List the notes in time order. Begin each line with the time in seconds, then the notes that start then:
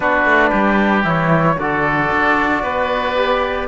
0.00 B3 D4 F#4 B4
0.25 A3
0.49 G3 G4
1.03 E3 E4 C#5
1.58 D3 F#4 A4 D5
2.11 D4
2.62 B3 B4
3.15 G4